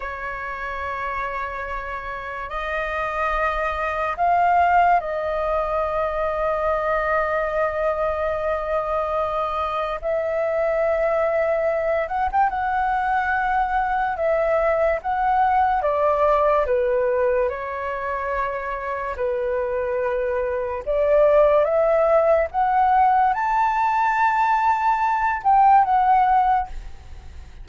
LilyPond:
\new Staff \with { instrumentName = "flute" } { \time 4/4 \tempo 4 = 72 cis''2. dis''4~ | dis''4 f''4 dis''2~ | dis''1 | e''2~ e''8 fis''16 g''16 fis''4~ |
fis''4 e''4 fis''4 d''4 | b'4 cis''2 b'4~ | b'4 d''4 e''4 fis''4 | a''2~ a''8 g''8 fis''4 | }